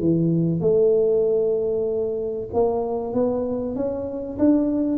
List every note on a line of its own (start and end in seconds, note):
0.00 0.61 E3
0.61 2.48 A3
2.53 3.13 A#3
3.13 3.75 B3
3.75 4.38 C#4
4.39 4.98 D4